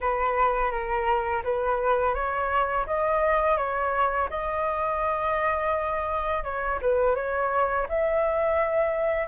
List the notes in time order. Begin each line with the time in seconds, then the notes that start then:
0.01 B4
0.71 A#4
1.44 B4
2.14 C#5
2.86 D#5
3.57 C#5
4.30 D#5
6.43 C#5
6.81 B4
7.15 C#5
7.89 E5